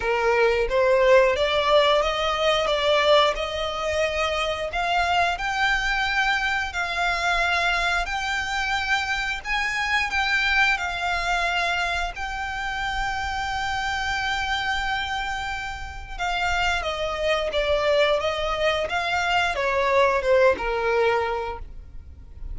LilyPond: \new Staff \with { instrumentName = "violin" } { \time 4/4 \tempo 4 = 89 ais'4 c''4 d''4 dis''4 | d''4 dis''2 f''4 | g''2 f''2 | g''2 gis''4 g''4 |
f''2 g''2~ | g''1 | f''4 dis''4 d''4 dis''4 | f''4 cis''4 c''8 ais'4. | }